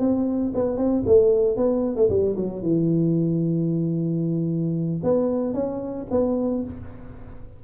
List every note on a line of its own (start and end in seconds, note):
0.00 0.53 C4
0.55 0.77 B3
0.77 1.04 C4
1.07 1.57 A3
1.57 1.96 B3
1.96 2.09 A3
2.10 2.37 G3
2.37 2.63 F#3
2.63 5.02 E3
5.04 5.54 B3
5.54 6.07 C#4
6.11 6.64 B3